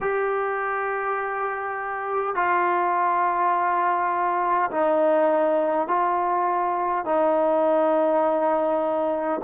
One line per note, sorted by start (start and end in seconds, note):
0.01 2.35 G4
2.35 4.70 F4
4.71 5.87 D#4
5.87 7.05 F4
7.05 9.40 D#4